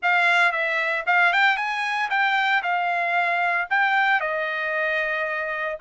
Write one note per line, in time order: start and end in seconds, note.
0.02 0.51 F5
0.51 1.04 E5
1.06 1.33 F5
1.33 1.56 G5
1.56 2.09 G#5
2.09 2.62 G5
2.62 3.68 F5
3.69 4.20 G5
4.20 5.78 D#5